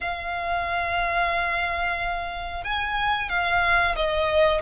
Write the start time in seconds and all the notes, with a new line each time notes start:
0.00 F5
2.63 G#5
3.29 F5
3.95 D#5